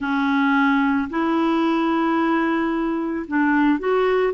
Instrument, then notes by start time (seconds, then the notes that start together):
clarinet
0.00 C#4
1.10 E4
3.27 D4
3.79 F#4